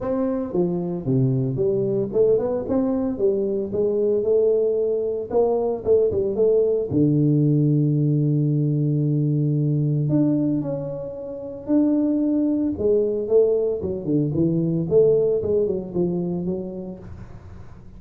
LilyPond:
\new Staff \with { instrumentName = "tuba" } { \time 4/4 \tempo 4 = 113 c'4 f4 c4 g4 | a8 b8 c'4 g4 gis4 | a2 ais4 a8 g8 | a4 d2.~ |
d2. d'4 | cis'2 d'2 | gis4 a4 fis8 d8 e4 | a4 gis8 fis8 f4 fis4 | }